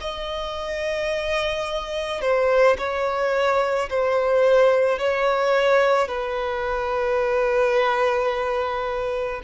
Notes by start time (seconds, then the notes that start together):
0.00 D#5
2.21 C5
2.78 C#5
3.89 C5
4.98 C#5
6.08 B4